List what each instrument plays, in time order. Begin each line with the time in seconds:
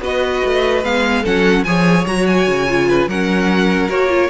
0.00 cello B3, viola F#4, violin B4 D#5
0.45 cello A3
0.83 cello G#3, viola B3, violin F5
1.22 cello F#3, viola C#4, violin A4 F#5
1.63 cello F3, viola G#4, violin C#5 G#5
2.06 cello F#3, viola F#4, violin A#5
2.26 violin G#5
2.47 cello C#3
2.68 viola F4
2.88 violin B4
3.07 cello F#3, viola C#4, violin A#4 F#5
3.88 cello A#3, viola F#4, violin C#5
4.09 viola F4